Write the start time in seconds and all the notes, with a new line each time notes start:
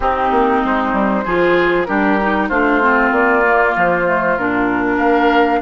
0.00 C4 D#4 G4
0.30 A#3
0.64 G#3 C5
0.92 G3
1.24 F3 F4 G#4
1.84 G3 D4 G4 A#4
2.21 D#4
2.49 A3 D4 F4 C5
2.81 C4
3.11 A#3 D5
3.46 A#3
3.76 F3 C5
4.07 A3
4.37 A#2 D4 A#4
4.96 A#3 A#4 F5